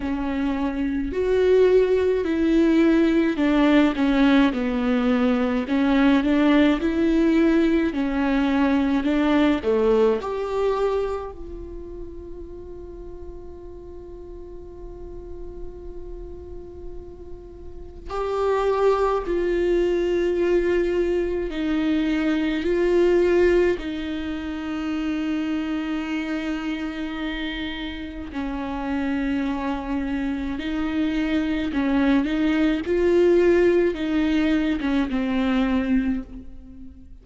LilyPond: \new Staff \with { instrumentName = "viola" } { \time 4/4 \tempo 4 = 53 cis'4 fis'4 e'4 d'8 cis'8 | b4 cis'8 d'8 e'4 cis'4 | d'8 a8 g'4 f'2~ | f'1 |
g'4 f'2 dis'4 | f'4 dis'2.~ | dis'4 cis'2 dis'4 | cis'8 dis'8 f'4 dis'8. cis'16 c'4 | }